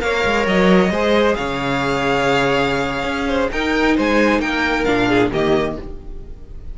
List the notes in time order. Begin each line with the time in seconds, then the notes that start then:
0.00 A#3 A#4 C#5 F5
0.25 G#3
0.47 F#3 D#5
0.91 G#3 G#4 C5
1.36 C#3 C#5 F5
3.04 C#4
3.28 C5
3.52 D#4 A#4 G5
3.97 G#3 C5 G#5
4.39 A#3 A#4 G5
4.85 A#2 D4 F5
5.09 G#4
5.33 D#3 A#3 G4 D#5